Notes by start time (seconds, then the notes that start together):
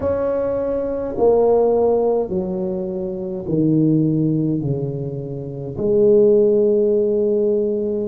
0.00 C#4
1.17 A#3
2.29 F#3
3.48 D#3
4.61 C#3
5.77 G#3